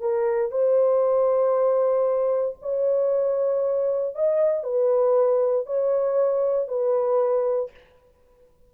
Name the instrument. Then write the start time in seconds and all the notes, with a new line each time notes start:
horn
0.00 A#4
0.51 C5
2.62 C#5
4.15 D#5
4.63 B4
5.66 C#5
6.68 B4